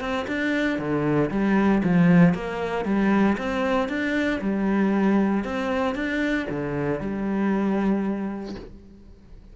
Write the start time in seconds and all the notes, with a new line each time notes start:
0.00 C4
0.27 D4
0.79 D3
1.31 G3
1.83 F3
2.34 A#3
2.85 G3
3.38 C4
3.89 D4
4.41 G3
5.44 C4
5.95 D4
6.50 D3
7.00 G3